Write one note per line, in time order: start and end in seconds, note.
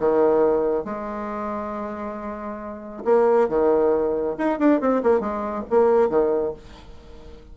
0.00 0.85 D#3
0.85 3.04 G#3
3.05 3.49 A#3
3.49 4.37 D#3
4.38 4.59 D#4
4.59 4.81 D4
4.81 5.03 C4
5.03 5.21 A#3
5.21 5.65 G#3
5.71 6.10 A#3
6.10 6.54 D#3